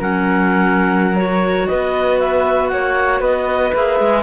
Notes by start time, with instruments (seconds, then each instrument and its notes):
0.00 cello F#3, clarinet C#4 F#5, flute A#4
1.16 clarinet F#4 C#5
1.67 cello B3, flute B4, clarinet D#5
2.19 clarinet E5
2.69 cello A#3, flute C#5, clarinet F#5
3.21 cello B3, flute B4, clarinet D#5
3.74 cello A#3, clarinet G#4 E5
4.00 cello G#3